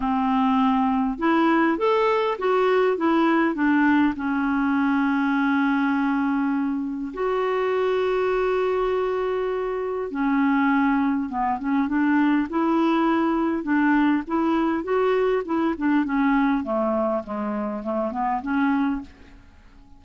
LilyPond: \new Staff \with { instrumentName = "clarinet" } { \time 4/4 \tempo 4 = 101 c'2 e'4 a'4 | fis'4 e'4 d'4 cis'4~ | cis'1 | fis'1~ |
fis'4 cis'2 b8 cis'8 | d'4 e'2 d'4 | e'4 fis'4 e'8 d'8 cis'4 | a4 gis4 a8 b8 cis'4 | }